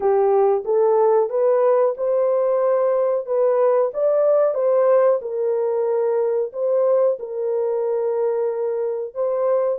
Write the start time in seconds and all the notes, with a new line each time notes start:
0.00 G4
0.64 A4
1.29 B4
1.97 C5
3.25 B4
3.93 D5
4.54 C5
5.21 A#4
6.52 C5
7.19 A#4
9.14 C5